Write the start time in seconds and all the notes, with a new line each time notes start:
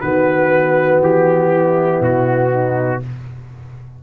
0.00 D#3 B3 F#4 B4
1.00 E3 G4
1.52 E4
2.01 B2 F#4
2.51 D#4